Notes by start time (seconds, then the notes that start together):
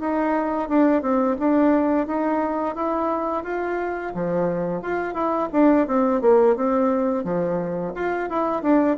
0.00 D#4
0.69 D4
1.02 C4
1.39 D4
2.07 D#4
2.75 E4
3.44 F4
4.14 F3
4.82 F4
5.14 E4
5.53 D4
5.87 C4
6.21 A#3
6.56 C4
7.24 F3
7.95 F4
8.30 E4
8.62 D4